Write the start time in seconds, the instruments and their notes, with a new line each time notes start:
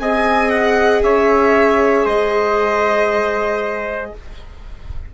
0.00 bassoon C4, viola G#4, trumpet D#5, violin G#5
0.50 violin F#5
1.03 bassoon C#4, trumpet C#5, violin E5
2.05 bassoon G#3, trumpet C5, violin D#5